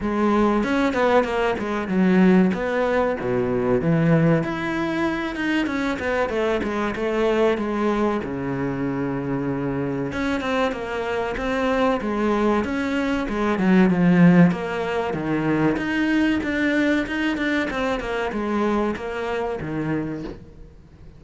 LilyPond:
\new Staff \with { instrumentName = "cello" } { \time 4/4 \tempo 4 = 95 gis4 cis'8 b8 ais8 gis8 fis4 | b4 b,4 e4 e'4~ | e'8 dis'8 cis'8 b8 a8 gis8 a4 | gis4 cis2. |
cis'8 c'8 ais4 c'4 gis4 | cis'4 gis8 fis8 f4 ais4 | dis4 dis'4 d'4 dis'8 d'8 | c'8 ais8 gis4 ais4 dis4 | }